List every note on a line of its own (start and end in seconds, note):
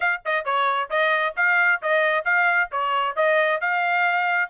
0.00 0.21 F5
0.25 0.44 D#5
0.44 0.89 C#5
0.90 1.35 D#5
1.36 1.81 F5
1.81 2.24 D#5
2.24 2.69 F5
2.71 3.16 C#5
3.16 3.60 D#5
3.60 4.49 F5